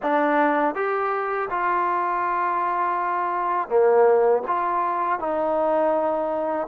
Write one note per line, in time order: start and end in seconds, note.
0.02 0.74 D4
0.74 1.48 G4
1.49 3.68 F4
3.68 4.42 A#3
4.47 5.19 F4
5.19 6.67 D#4